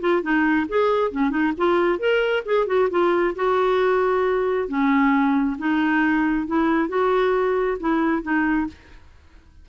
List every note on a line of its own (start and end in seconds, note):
0.00 0.22 F4
0.22 0.66 D#4
0.68 1.11 G#4
1.11 1.30 C#4
1.30 1.52 D#4
1.57 1.99 F4
1.99 2.43 A#4
2.45 2.66 G#4
2.66 2.88 F#4
2.90 3.34 F4
3.35 4.68 F#4
4.68 5.57 C#4
5.58 6.46 D#4
6.46 6.88 E4
6.88 7.77 F#4
7.79 8.22 E4
8.22 8.67 D#4